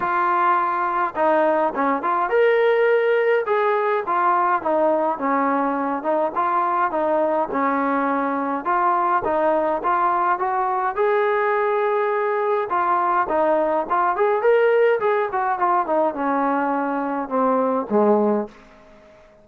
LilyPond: \new Staff \with { instrumentName = "trombone" } { \time 4/4 \tempo 4 = 104 f'2 dis'4 cis'8 f'8 | ais'2 gis'4 f'4 | dis'4 cis'4. dis'8 f'4 | dis'4 cis'2 f'4 |
dis'4 f'4 fis'4 gis'4~ | gis'2 f'4 dis'4 | f'8 gis'8 ais'4 gis'8 fis'8 f'8 dis'8 | cis'2 c'4 gis4 | }